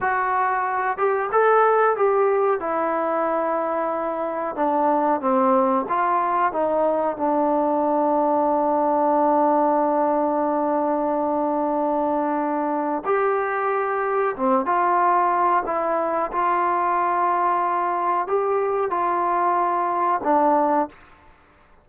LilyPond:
\new Staff \with { instrumentName = "trombone" } { \time 4/4 \tempo 4 = 92 fis'4. g'8 a'4 g'4 | e'2. d'4 | c'4 f'4 dis'4 d'4~ | d'1~ |
d'1 | g'2 c'8 f'4. | e'4 f'2. | g'4 f'2 d'4 | }